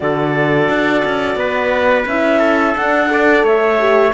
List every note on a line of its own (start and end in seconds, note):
0.00 0.68 D3
0.00 2.07 F#4
0.00 1.39 A4
0.00 2.06 D5
0.68 1.03 D4
1.05 1.35 C#4
1.35 2.04 B3
1.35 2.39 B4
2.05 2.74 C#4
2.05 2.75 E4
2.05 2.76 E5
2.39 3.07 A4
2.75 3.07 D4
2.75 3.43 D4
2.75 3.45 F#5
3.07 3.76 A4
3.07 3.44 D5
3.43 4.12 A3
3.43 4.13 C#5
3.43 4.13 E5
3.79 4.13 G4